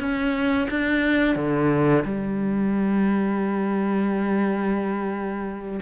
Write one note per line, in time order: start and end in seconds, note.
0.00 0.68 C#4
0.70 1.36 D4
1.36 2.04 D3
2.05 5.80 G3